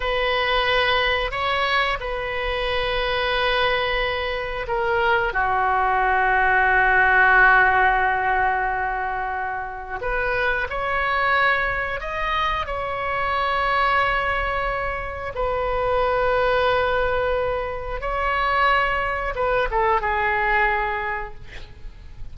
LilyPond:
\new Staff \with { instrumentName = "oboe" } { \time 4/4 \tempo 4 = 90 b'2 cis''4 b'4~ | b'2. ais'4 | fis'1~ | fis'2. b'4 |
cis''2 dis''4 cis''4~ | cis''2. b'4~ | b'2. cis''4~ | cis''4 b'8 a'8 gis'2 | }